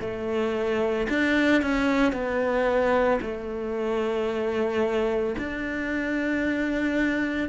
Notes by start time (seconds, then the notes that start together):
0.00 A3
1.09 D4
1.61 C#4
2.12 B3
3.21 A3
5.38 D4